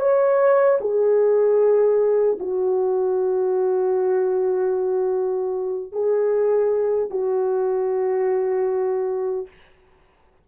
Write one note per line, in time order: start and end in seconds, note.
0.00 0.79 C#5
0.80 2.38 G#4
2.40 5.92 F#4
5.92 7.10 G#4
7.10 9.47 F#4